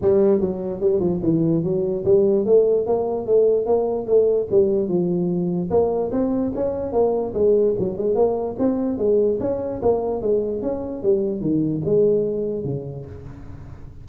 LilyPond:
\new Staff \with { instrumentName = "tuba" } { \time 4/4 \tempo 4 = 147 g4 fis4 g8 f8 e4 | fis4 g4 a4 ais4 | a4 ais4 a4 g4 | f2 ais4 c'4 |
cis'4 ais4 gis4 fis8 gis8 | ais4 c'4 gis4 cis'4 | ais4 gis4 cis'4 g4 | dis4 gis2 cis4 | }